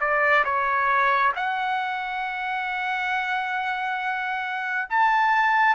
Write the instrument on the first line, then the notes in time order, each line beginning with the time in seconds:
trumpet
0.00 D5
0.45 C#5
1.36 F#5
4.90 A5